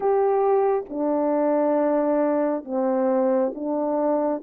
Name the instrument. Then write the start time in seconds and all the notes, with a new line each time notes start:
horn
0.00 G4
0.89 D4
2.64 C4
3.55 D4